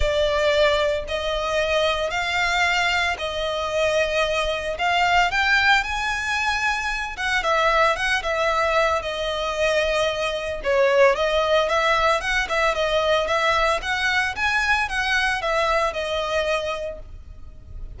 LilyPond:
\new Staff \with { instrumentName = "violin" } { \time 4/4 \tempo 4 = 113 d''2 dis''2 | f''2 dis''2~ | dis''4 f''4 g''4 gis''4~ | gis''4. fis''8 e''4 fis''8 e''8~ |
e''4 dis''2. | cis''4 dis''4 e''4 fis''8 e''8 | dis''4 e''4 fis''4 gis''4 | fis''4 e''4 dis''2 | }